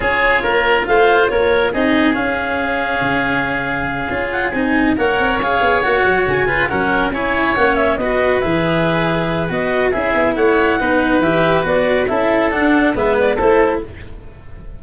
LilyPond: <<
  \new Staff \with { instrumentName = "clarinet" } { \time 4/4 \tempo 4 = 139 cis''2 f''4 cis''4 | dis''4 f''2.~ | f''2 fis''8 gis''4 fis''8~ | fis''8 f''4 fis''4 gis''4 fis''8~ |
fis''8 gis''4 fis''8 e''8 dis''4 e''8~ | e''2 dis''4 e''4 | fis''2 e''4 d''4 | e''4 fis''4 e''8 d''8 c''4 | }
  \new Staff \with { instrumentName = "oboe" } { \time 4/4 gis'4 ais'4 c''4 ais'4 | gis'1~ | gis'2.~ gis'8 cis''8~ | cis''2. b'8 ais'8~ |
ais'8 cis''2 b'4.~ | b'2. gis'4 | cis''4 b'2. | a'2 b'4 a'4 | }
  \new Staff \with { instrumentName = "cello" } { \time 4/4 f'1 | dis'4 cis'2.~ | cis'4. f'4 dis'4 ais'8~ | ais'8 gis'4 fis'4. f'8 cis'8~ |
cis'8 e'4 cis'4 fis'4 gis'8~ | gis'2 fis'4 e'4~ | e'4 dis'4 g'4 fis'4 | e'4 d'4 b4 e'4 | }
  \new Staff \with { instrumentName = "tuba" } { \time 4/4 cis'4 ais4 a4 ais4 | c'4 cis'2 cis4~ | cis4. cis'4 c'4 ais8 | c'8 cis'8 b8 ais8 fis8 cis4 fis8~ |
fis8 cis'4 ais4 b4 e8~ | e2 b4 cis'8 b8 | a4 b4 e4 b4 | cis'4 d'4 gis4 a4 | }
>>